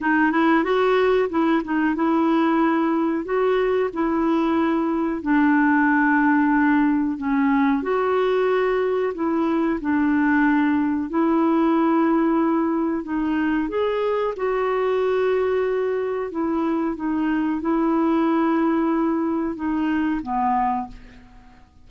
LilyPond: \new Staff \with { instrumentName = "clarinet" } { \time 4/4 \tempo 4 = 92 dis'8 e'8 fis'4 e'8 dis'8 e'4~ | e'4 fis'4 e'2 | d'2. cis'4 | fis'2 e'4 d'4~ |
d'4 e'2. | dis'4 gis'4 fis'2~ | fis'4 e'4 dis'4 e'4~ | e'2 dis'4 b4 | }